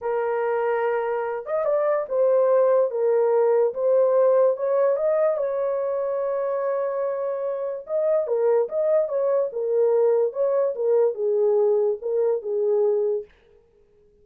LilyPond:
\new Staff \with { instrumentName = "horn" } { \time 4/4 \tempo 4 = 145 ais'2.~ ais'8 dis''8 | d''4 c''2 ais'4~ | ais'4 c''2 cis''4 | dis''4 cis''2.~ |
cis''2. dis''4 | ais'4 dis''4 cis''4 ais'4~ | ais'4 cis''4 ais'4 gis'4~ | gis'4 ais'4 gis'2 | }